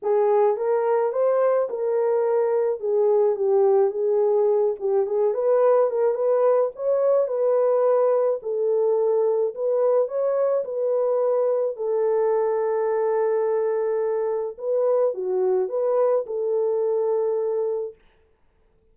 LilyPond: \new Staff \with { instrumentName = "horn" } { \time 4/4 \tempo 4 = 107 gis'4 ais'4 c''4 ais'4~ | ais'4 gis'4 g'4 gis'4~ | gis'8 g'8 gis'8 b'4 ais'8 b'4 | cis''4 b'2 a'4~ |
a'4 b'4 cis''4 b'4~ | b'4 a'2.~ | a'2 b'4 fis'4 | b'4 a'2. | }